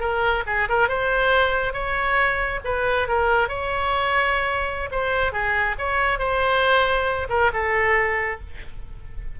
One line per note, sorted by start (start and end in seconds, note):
0.00 0.43 A#4
0.46 0.68 G#4
0.69 0.89 A#4
0.89 1.73 C5
1.73 2.60 C#5
2.64 3.08 B4
3.08 3.49 A#4
3.49 4.90 C#5
4.91 5.32 C5
5.32 5.76 G#4
5.78 6.19 C#5
6.19 7.28 C5
7.29 7.51 A#4
7.53 8.40 A4